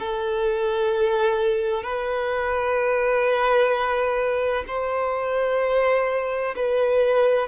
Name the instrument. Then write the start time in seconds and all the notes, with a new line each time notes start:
violin
0.00 A4
1.84 B4
4.68 C5
6.56 B4